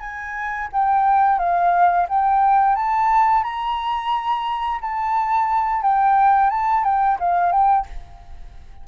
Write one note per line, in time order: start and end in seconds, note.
0.00 0.68 G#5
0.72 1.39 G5
1.39 2.07 F5
2.09 2.76 G5
2.76 3.43 A5
3.43 4.80 A#5
4.81 5.81 A5
5.81 6.50 G5
6.50 6.84 A5
6.84 7.18 G5
7.19 7.52 F5
7.52 7.86 G5